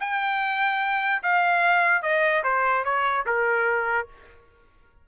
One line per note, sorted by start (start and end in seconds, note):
0.00 1.22 G5
1.23 2.02 F5
2.02 2.43 D#5
2.44 2.84 C5
2.84 3.25 C#5
3.26 4.08 A#4